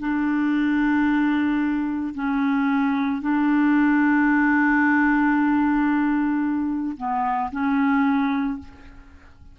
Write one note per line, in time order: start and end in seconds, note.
0.00 2.14 D4
2.15 3.22 C#4
3.22 6.97 D4
6.97 7.51 B3
7.52 8.59 C#4